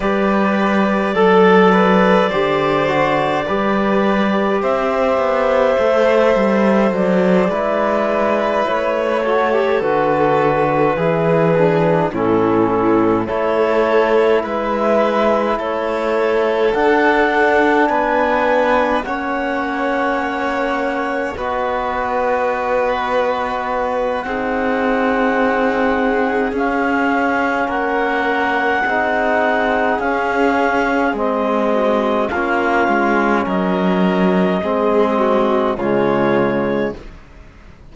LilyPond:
<<
  \new Staff \with { instrumentName = "clarinet" } { \time 4/4 \tempo 4 = 52 d''1 | e''2 d''4. cis''8~ | cis''8 b'2 a'4 cis''8~ | cis''8 e''4 cis''4 fis''4 gis''8~ |
gis''8 fis''2 dis''4.~ | dis''4 fis''2 f''4 | fis''2 f''4 dis''4 | f''4 dis''2 cis''4 | }
  \new Staff \with { instrumentName = "violin" } { \time 4/4 b'4 a'8 b'8 c''4 b'4 | c''2~ c''8 b'4. | a'4. gis'4 e'4 a'8~ | a'8 b'4 a'2 b'8~ |
b'8 cis''2 b'4.~ | b'4 gis'2. | ais'4 gis'2~ gis'8 fis'8 | f'4 ais'4 gis'8 fis'8 f'4 | }
  \new Staff \with { instrumentName = "trombone" } { \time 4/4 g'4 a'4 g'8 fis'8 g'4~ | g'4 a'4. e'4. | fis'16 g'16 fis'4 e'8 d'8 cis'4 e'8~ | e'2~ e'8 d'4.~ |
d'8 cis'2 fis'4.~ | fis'4 dis'2 cis'4~ | cis'4 dis'4 cis'4 c'4 | cis'2 c'4 gis4 | }
  \new Staff \with { instrumentName = "cello" } { \time 4/4 g4 fis4 d4 g4 | c'8 b8 a8 g8 fis8 gis4 a8~ | a8 d4 e4 a,4 a8~ | a8 gis4 a4 d'4 b8~ |
b8 ais2 b4.~ | b4 c'2 cis'4 | ais4 c'4 cis'4 gis4 | ais8 gis8 fis4 gis4 cis4 | }
>>